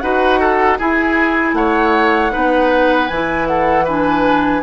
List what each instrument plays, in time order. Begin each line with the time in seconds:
0.00 bassoon D#4, clarinet F#4, oboe B4, flute F#5
0.40 oboe A4
0.78 clarinet E4, bassoon E4, oboe G#4, flute G#5
1.53 bassoon A3, oboe C#5, flute F#5
2.31 bassoon B3, clarinet D#4, oboe B4
3.08 bassoon E3, clarinet E4, flute G#5
3.47 oboe A4, flute F#5
3.84 clarinet D4, oboe B4, flute G#5